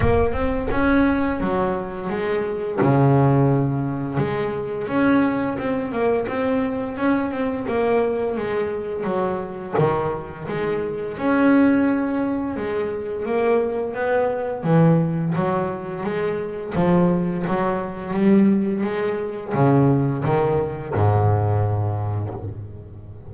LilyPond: \new Staff \with { instrumentName = "double bass" } { \time 4/4 \tempo 4 = 86 ais8 c'8 cis'4 fis4 gis4 | cis2 gis4 cis'4 | c'8 ais8 c'4 cis'8 c'8 ais4 | gis4 fis4 dis4 gis4 |
cis'2 gis4 ais4 | b4 e4 fis4 gis4 | f4 fis4 g4 gis4 | cis4 dis4 gis,2 | }